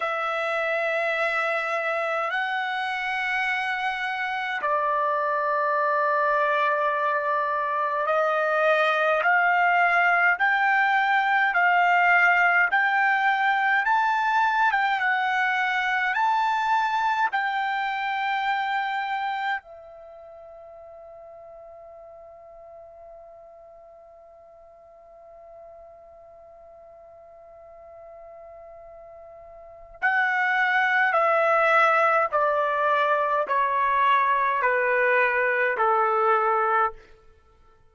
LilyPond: \new Staff \with { instrumentName = "trumpet" } { \time 4/4 \tempo 4 = 52 e''2 fis''2 | d''2. dis''4 | f''4 g''4 f''4 g''4 | a''8. g''16 fis''4 a''4 g''4~ |
g''4 e''2.~ | e''1~ | e''2 fis''4 e''4 | d''4 cis''4 b'4 a'4 | }